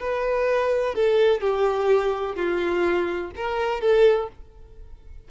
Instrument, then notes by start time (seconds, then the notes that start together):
violin
0.00 B4
0.95 A4
1.41 G4
2.35 F4
3.36 A#4
3.81 A4